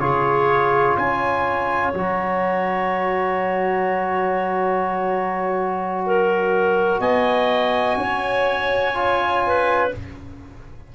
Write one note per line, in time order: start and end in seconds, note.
0.00 0.97 C#3
0.00 1.94 F4
0.00 0.96 G#4
0.00 0.97 C#5
0.96 1.94 C#4
0.96 6.04 C#5
0.96 1.94 G#5
1.94 6.99 F#3
1.94 8.95 F#4
1.94 7.00 A#5
6.06 7.00 A#4
6.99 7.96 B3
6.99 7.97 D#5
6.99 9.91 G#5
7.97 9.91 C#4
7.97 9.45 C#5
8.95 9.91 F4
9.46 9.95 B4